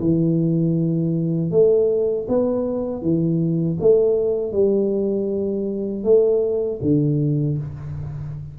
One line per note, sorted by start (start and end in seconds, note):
0.00 1.51 E3
1.51 2.27 A3
2.28 3.02 B3
3.02 3.78 E3
3.80 4.52 A3
4.52 6.04 G3
6.04 6.80 A3
6.82 7.58 D3